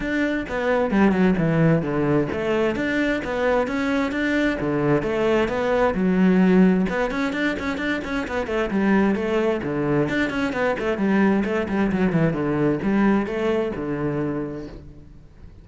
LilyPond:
\new Staff \with { instrumentName = "cello" } { \time 4/4 \tempo 4 = 131 d'4 b4 g8 fis8 e4 | d4 a4 d'4 b4 | cis'4 d'4 d4 a4 | b4 fis2 b8 cis'8 |
d'8 cis'8 d'8 cis'8 b8 a8 g4 | a4 d4 d'8 cis'8 b8 a8 | g4 a8 g8 fis8 e8 d4 | g4 a4 d2 | }